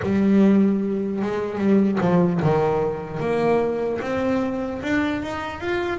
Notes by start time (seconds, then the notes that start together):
0.02 G3
1.21 G#3
1.58 G3
2.00 F3
2.42 D#3
3.20 A#3
4.01 C4
4.82 D4
5.22 D#4
5.60 F4